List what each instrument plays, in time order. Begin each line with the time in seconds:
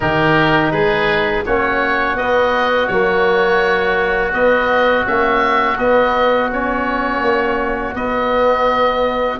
0.00 tuba D#3, trombone D#4, oboe G4 A#4
0.71 tuba G#3, oboe G#4 B4
1.45 tuba A#3, trombone C#4, oboe F#4 C#5
2.15 tuba B3, trombone B3, oboe D#5
2.87 tuba F#3, trombone A#3, oboe C#5
4.33 trombone B3, tuba B3, oboe D#5
5.04 tuba A#3, trombone C#4, oboe E5
5.77 tuba B3, trombone B3, oboe D#5
6.50 trombone C#4, oboe C#5
7.21 tuba A#3
7.94 trombone B3, tuba B3, oboe D#5